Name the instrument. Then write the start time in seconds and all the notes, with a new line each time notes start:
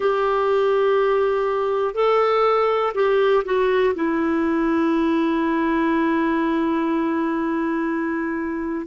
clarinet
0.00 G4
1.94 A4
2.94 G4
3.44 F#4
3.94 E4